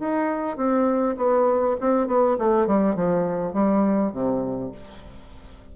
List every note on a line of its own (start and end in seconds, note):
0.00 0.57 D#4
0.57 1.17 C4
1.17 1.77 B3
1.81 2.08 C4
2.08 2.37 B3
2.39 2.67 A3
2.67 2.96 G3
2.96 3.54 F3
3.54 4.13 G3
4.13 4.72 C3